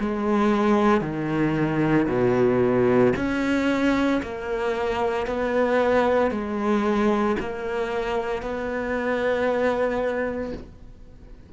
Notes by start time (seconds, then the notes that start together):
0.00 G#3
1.01 D#3
2.08 B2
3.16 C#4
4.23 A#3
5.27 B3
6.31 G#3
7.40 A#3
8.43 B3